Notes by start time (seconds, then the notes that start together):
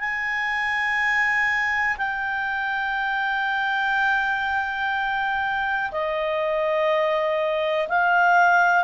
0.00 G#5
1.98 G5
5.92 D#5
7.88 F5